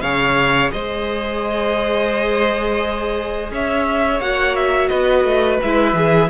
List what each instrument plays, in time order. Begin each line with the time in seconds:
0.00 cello C#3, viola G#4, violin C#5 F5
0.71 cello G#3, violin C5 D#5
3.51 cello C#4, violin C#5 E5
4.19 cello A#3, viola F#4, violin F#5
4.55 violin E5
4.88 cello B3, violin B4 D#5
5.24 cello A3
5.61 cello G#3, viola E4, violin E5
5.93 cello E3, viola G#4